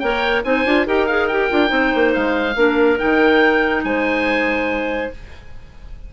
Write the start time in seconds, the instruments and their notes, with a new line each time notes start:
0.00 bassoon A#3, clarinet A#4 C#5, oboe G5
0.44 bassoon C4, clarinet D#4 C5, oboe G#5
0.66 bassoon D4, clarinet F4
0.87 bassoon D#4, clarinet G4 A#4, oboe G5
1.07 clarinet G#4, oboe F5
1.28 clarinet G4, oboe G5
1.50 bassoon D4, clarinet F4
1.67 bassoon C4, clarinet D#4 C5
1.95 bassoon A#3
2.14 bassoon G#3, oboe F5
2.56 bassoon A#3, clarinet D4 A#4
2.98 bassoon D#3, clarinet D#4, oboe G5
3.84 bassoon G#3, clarinet C5, oboe G#5